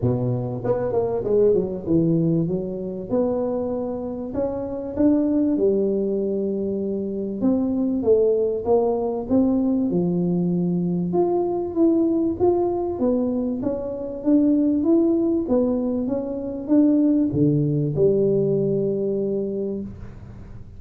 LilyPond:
\new Staff \with { instrumentName = "tuba" } { \time 4/4 \tempo 4 = 97 b,4 b8 ais8 gis8 fis8 e4 | fis4 b2 cis'4 | d'4 g2. | c'4 a4 ais4 c'4 |
f2 f'4 e'4 | f'4 b4 cis'4 d'4 | e'4 b4 cis'4 d'4 | d4 g2. | }